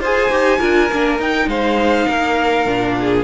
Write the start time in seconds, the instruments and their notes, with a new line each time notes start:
0.00 cello F4, viola G#4, violin C5 G#5
0.30 cello D#4, viola G4
0.59 cello D4, viola F4, violin A#4
0.92 cello A#3, viola D4
1.19 cello D#4, viola D#4, violin G5
1.47 cello G#3, violin C5 F5
2.08 cello A#3, violin A#4
2.66 cello A#2, viola D4
3.00 violin G#4